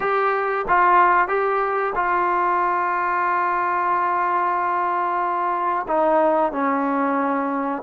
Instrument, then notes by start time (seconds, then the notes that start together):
trombone
0.00 G4
0.68 F4
1.27 G4
1.95 F4
5.87 D#4
6.52 C#4